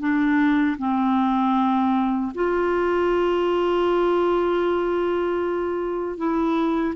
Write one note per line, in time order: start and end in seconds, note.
0.00 0.77 D4
0.79 2.33 C4
2.35 6.18 F4
6.18 6.95 E4